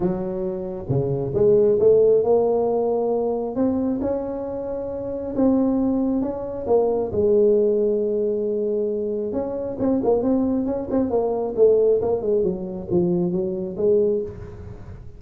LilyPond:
\new Staff \with { instrumentName = "tuba" } { \time 4/4 \tempo 4 = 135 fis2 cis4 gis4 | a4 ais2. | c'4 cis'2. | c'2 cis'4 ais4 |
gis1~ | gis4 cis'4 c'8 ais8 c'4 | cis'8 c'8 ais4 a4 ais8 gis8 | fis4 f4 fis4 gis4 | }